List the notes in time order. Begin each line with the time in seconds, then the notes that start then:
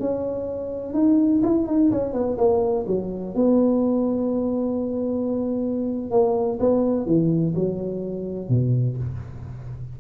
0.00 C#4
0.94 D#4
1.43 E4
1.67 D#4
1.92 C#4
2.14 B3
2.38 A#3
2.87 F#3
3.35 B3
6.11 A#3
6.60 B3
7.06 E3
7.55 F#3
8.49 B2